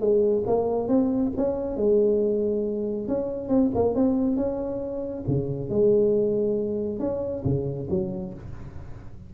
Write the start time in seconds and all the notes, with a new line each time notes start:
0.00 G#3
0.46 A#3
0.88 C4
1.37 C#4
1.76 G#3
3.08 C#4
3.49 C4
3.75 A#3
3.95 C4
4.36 C#4
5.27 C#3
5.69 G#3
6.99 C#4
7.44 C#3
7.90 F#3